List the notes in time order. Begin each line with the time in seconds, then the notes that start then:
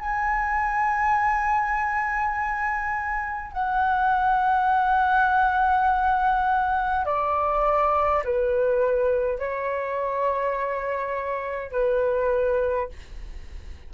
0.00 G#5
3.53 F#5
7.06 D5
8.25 B4
9.40 C#5
11.72 B4